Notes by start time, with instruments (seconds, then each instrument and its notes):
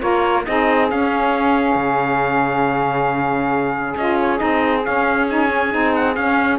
0.00 cello A#3, saxophone F4 A#4, trumpet C#5
0.45 cello C4, saxophone D#4 G#4, trumpet D#5
0.89 saxophone C#4, cello C#4, trumpet F5
1.75 cello C#3
3.96 cello C#4, saxophone F4, trumpet D#5
4.21 trumpet C#5
4.37 cello C4, saxophone D#4, trumpet D#5
4.82 saxophone C#4, cello C#4, trumpet F5
5.29 saxophone D#4, trumpet G#5
5.47 saxophone C#4
5.70 cello C4, saxophone D#4
5.95 trumpet F#5
6.15 cello C#4, saxophone C#4, trumpet F5